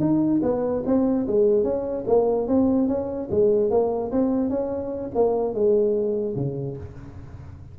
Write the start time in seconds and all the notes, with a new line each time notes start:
0.00 D#4
0.42 B3
0.86 C4
1.27 G#3
1.63 C#4
2.07 A#3
2.47 C4
2.88 C#4
3.31 G#3
3.70 A#3
4.11 C4
4.50 C#4
5.14 A#3
5.54 G#3
6.36 C#3